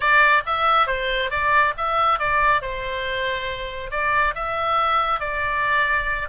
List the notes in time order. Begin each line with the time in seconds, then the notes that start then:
0.00 D5
0.45 E5
0.87 C5
1.30 D5
1.77 E5
2.19 D5
2.61 C5
3.90 D5
4.35 E5
5.20 D5